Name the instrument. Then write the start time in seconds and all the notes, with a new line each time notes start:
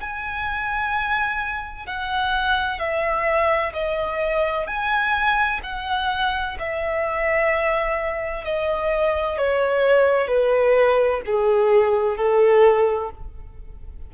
violin
0.00 G#5
1.86 F#5
2.79 E5
3.73 D#5
4.66 G#5
5.63 F#5
6.59 E5
8.44 D#5
9.38 C#5
10.27 B4
11.25 G#4
12.16 A4